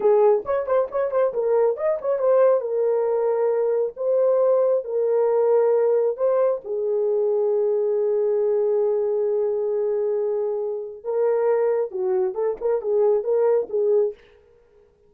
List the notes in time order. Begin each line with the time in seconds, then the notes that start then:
0.00 G#4
0.45 C#5
0.66 C5
0.91 C#5
1.11 C5
1.33 A#4
1.76 D#5
2.01 C#5
2.19 C5
2.60 A#4
3.96 C5
4.84 A#4
6.16 C5
6.64 G#4
11.04 A#4
11.91 F#4
12.34 A4
12.61 A#4
12.81 G#4
13.23 A#4
13.69 G#4